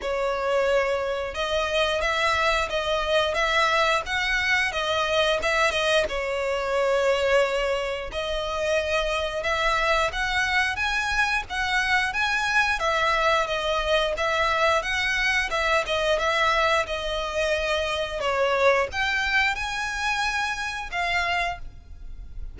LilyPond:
\new Staff \with { instrumentName = "violin" } { \time 4/4 \tempo 4 = 89 cis''2 dis''4 e''4 | dis''4 e''4 fis''4 dis''4 | e''8 dis''8 cis''2. | dis''2 e''4 fis''4 |
gis''4 fis''4 gis''4 e''4 | dis''4 e''4 fis''4 e''8 dis''8 | e''4 dis''2 cis''4 | g''4 gis''2 f''4 | }